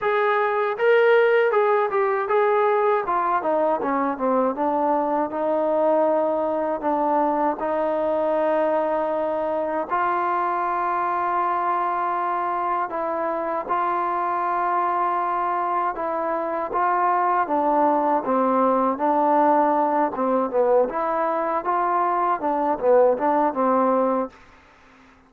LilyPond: \new Staff \with { instrumentName = "trombone" } { \time 4/4 \tempo 4 = 79 gis'4 ais'4 gis'8 g'8 gis'4 | f'8 dis'8 cis'8 c'8 d'4 dis'4~ | dis'4 d'4 dis'2~ | dis'4 f'2.~ |
f'4 e'4 f'2~ | f'4 e'4 f'4 d'4 | c'4 d'4. c'8 b8 e'8~ | e'8 f'4 d'8 b8 d'8 c'4 | }